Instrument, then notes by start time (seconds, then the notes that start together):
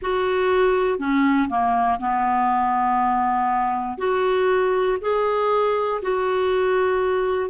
clarinet
0.01 F#4
0.98 C#4
1.49 A#3
1.99 B3
3.98 F#4
5.01 G#4
6.01 F#4